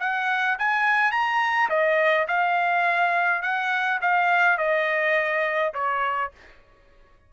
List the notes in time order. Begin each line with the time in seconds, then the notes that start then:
0.00 F#5
0.59 G#5
1.11 A#5
1.70 D#5
2.28 F5
3.42 F#5
4.01 F5
4.58 D#5
5.74 C#5